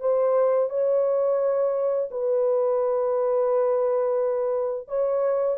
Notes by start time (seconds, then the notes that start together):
0.00 C5
0.69 C#5
2.11 B4
4.88 C#5